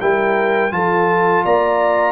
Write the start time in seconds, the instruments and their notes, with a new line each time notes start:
0.00 tuba G3, trombone E4, horn A#4, trumpet G5
0.71 tuba F3, trombone F4, horn A4, trumpet A5
1.45 tuba A#3, horn D5, trumpet A#5